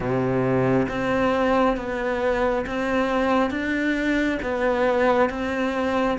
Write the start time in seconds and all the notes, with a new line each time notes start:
0.00 C3
0.88 C4
1.76 B3
2.66 C4
3.50 D4
4.42 B3
5.29 C4